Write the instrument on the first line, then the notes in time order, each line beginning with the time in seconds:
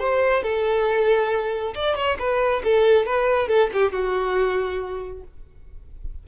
violin
0.00 C5
0.43 A4
1.75 D5
1.96 C#5
2.19 B4
2.64 A4
3.06 B4
3.48 A4
3.73 G4
3.92 F#4